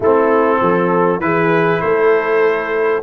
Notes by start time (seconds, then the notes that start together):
0.00 A3 C4 E4 A4
0.59 F3 A4
1.19 E3 E4 G#4 B4
1.81 A3 A4 C5